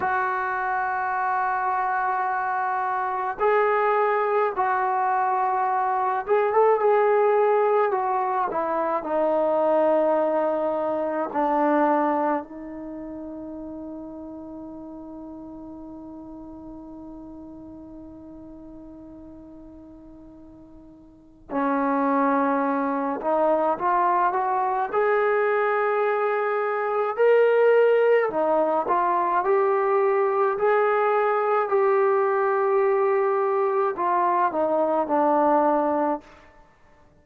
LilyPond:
\new Staff \with { instrumentName = "trombone" } { \time 4/4 \tempo 4 = 53 fis'2. gis'4 | fis'4. gis'16 a'16 gis'4 fis'8 e'8 | dis'2 d'4 dis'4~ | dis'1~ |
dis'2. cis'4~ | cis'8 dis'8 f'8 fis'8 gis'2 | ais'4 dis'8 f'8 g'4 gis'4 | g'2 f'8 dis'8 d'4 | }